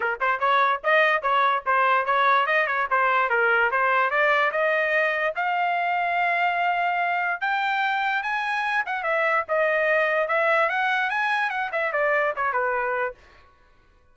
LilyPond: \new Staff \with { instrumentName = "trumpet" } { \time 4/4 \tempo 4 = 146 ais'8 c''8 cis''4 dis''4 cis''4 | c''4 cis''4 dis''8 cis''8 c''4 | ais'4 c''4 d''4 dis''4~ | dis''4 f''2.~ |
f''2 g''2 | gis''4. fis''8 e''4 dis''4~ | dis''4 e''4 fis''4 gis''4 | fis''8 e''8 d''4 cis''8 b'4. | }